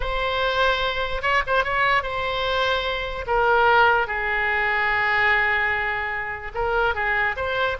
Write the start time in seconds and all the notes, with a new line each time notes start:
0.00 C5
1.21 C#5
1.46 C5
1.63 C#5
2.02 C5
3.27 A#4
4.07 G#4
6.54 A#4
6.94 G#4
7.36 C5